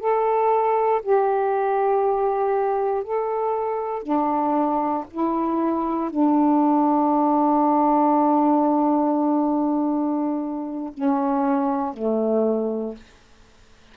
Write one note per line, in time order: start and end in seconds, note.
0.00 1.02 A4
1.03 3.04 G4
3.04 4.03 A4
4.03 5.05 D4
5.11 6.11 E4
6.11 10.94 D4
10.94 11.94 C#4
11.94 12.96 A3